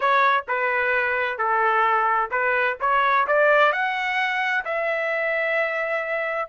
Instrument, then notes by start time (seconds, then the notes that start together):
trumpet
0.00 C#5
0.47 B4
1.37 A4
2.31 B4
2.80 C#5
3.27 D5
3.72 F#5
4.64 E5